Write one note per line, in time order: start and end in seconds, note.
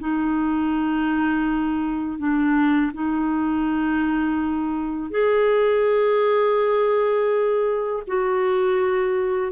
0.00 2.19 D#4
2.19 2.92 D4
2.94 5.11 D#4
5.11 8.04 G#4
8.08 9.53 F#4